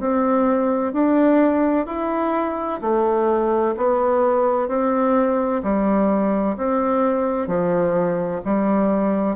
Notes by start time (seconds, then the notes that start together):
0.00 C4
0.93 D4
1.87 E4
2.82 A3
3.77 B3
4.68 C4
5.63 G3
6.58 C4
7.48 F3
8.45 G3